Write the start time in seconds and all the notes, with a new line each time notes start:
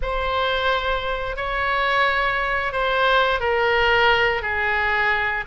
0.02 C5
1.36 C#5
2.72 C5
3.39 A#4
4.42 G#4